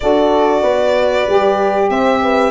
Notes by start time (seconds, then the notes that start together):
0.00 D4 F#4 A4 D5
0.62 B3 B4
1.27 G3 G4
1.89 C4 C5 E5
2.22 B4